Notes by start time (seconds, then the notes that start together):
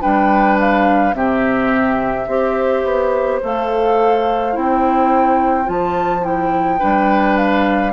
0.00 G3 D4 B4 G5
0.59 F5
1.13 C3 C4 G4 E5
2.26 C4 G4 C5
2.83 B3
3.42 A3 A4 F5
4.53 C4 E4 G5
5.64 F3 F4 A5
6.21 E4 G5
6.79 G3 D4 B4
7.37 F5